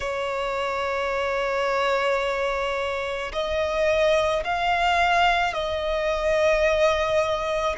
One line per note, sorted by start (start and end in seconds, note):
0.00 3.31 C#5
3.32 4.43 D#5
4.43 5.53 F5
5.53 7.75 D#5